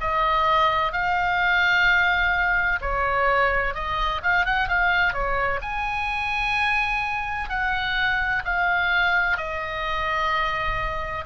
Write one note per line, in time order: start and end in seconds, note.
0.00 0.92 D#5
0.92 2.80 F5
2.81 3.74 C#5
3.74 4.21 D#5
4.23 4.45 F5
4.45 4.68 F#5
4.68 5.13 F5
5.13 5.60 C#5
5.62 7.49 G#5
7.49 8.43 F#5
8.45 9.37 F5
9.37 11.25 D#5